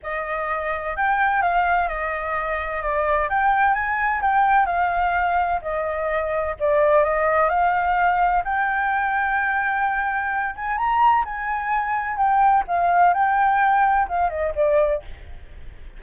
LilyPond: \new Staff \with { instrumentName = "flute" } { \time 4/4 \tempo 4 = 128 dis''2 g''4 f''4 | dis''2 d''4 g''4 | gis''4 g''4 f''2 | dis''2 d''4 dis''4 |
f''2 g''2~ | g''2~ g''8 gis''8 ais''4 | gis''2 g''4 f''4 | g''2 f''8 dis''8 d''4 | }